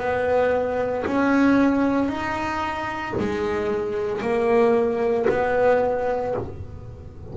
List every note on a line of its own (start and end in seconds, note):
0.00 1.05 B3
1.07 2.09 C#4
2.09 3.14 D#4
3.19 4.22 G#3
4.22 5.27 A#3
5.30 6.35 B3